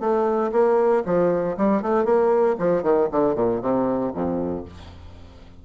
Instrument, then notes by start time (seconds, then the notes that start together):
bassoon
0.00 A3
0.52 A#3
1.05 F3
1.57 G3
1.82 A3
2.05 A#3
2.59 F3
2.83 D#3
3.12 D3
3.35 A#2
3.62 C3
4.14 F2